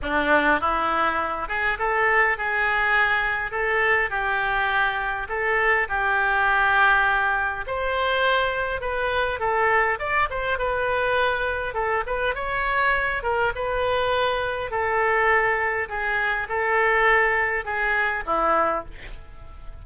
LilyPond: \new Staff \with { instrumentName = "oboe" } { \time 4/4 \tempo 4 = 102 d'4 e'4. gis'8 a'4 | gis'2 a'4 g'4~ | g'4 a'4 g'2~ | g'4 c''2 b'4 |
a'4 d''8 c''8 b'2 | a'8 b'8 cis''4. ais'8 b'4~ | b'4 a'2 gis'4 | a'2 gis'4 e'4 | }